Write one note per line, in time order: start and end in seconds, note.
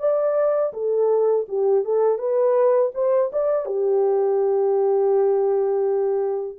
0.00 0.73 D5
0.73 1.46 A4
1.49 1.85 G4
1.85 2.19 A4
2.19 2.92 B4
2.94 3.31 C5
3.33 3.66 D5
3.66 6.58 G4